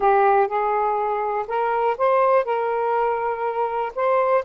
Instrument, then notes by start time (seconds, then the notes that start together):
saxophone
0.00 G4
0.47 G#4
1.47 A#4
1.97 C5
2.45 A#4
3.95 C5